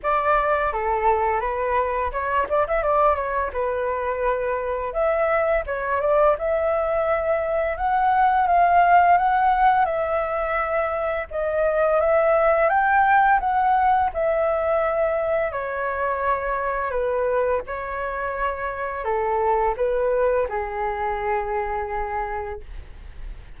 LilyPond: \new Staff \with { instrumentName = "flute" } { \time 4/4 \tempo 4 = 85 d''4 a'4 b'4 cis''8 d''16 e''16 | d''8 cis''8 b'2 e''4 | cis''8 d''8 e''2 fis''4 | f''4 fis''4 e''2 |
dis''4 e''4 g''4 fis''4 | e''2 cis''2 | b'4 cis''2 a'4 | b'4 gis'2. | }